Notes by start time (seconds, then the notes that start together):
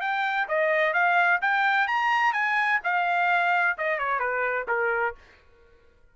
0.00 G5
0.48 D#5
0.93 F5
1.41 G5
1.87 A#5
2.32 G#5
2.83 F5
3.77 D#5
3.98 C#5
4.19 B4
4.67 A#4